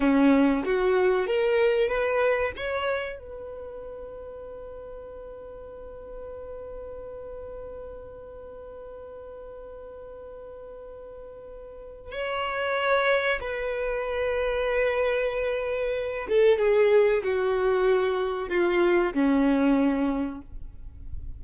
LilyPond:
\new Staff \with { instrumentName = "violin" } { \time 4/4 \tempo 4 = 94 cis'4 fis'4 ais'4 b'4 | cis''4 b'2.~ | b'1~ | b'1~ |
b'2. cis''4~ | cis''4 b'2.~ | b'4. a'8 gis'4 fis'4~ | fis'4 f'4 cis'2 | }